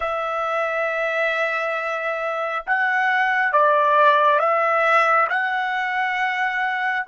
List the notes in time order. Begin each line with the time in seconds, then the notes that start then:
0.00 E5
2.66 F#5
3.52 D5
4.39 E5
5.29 F#5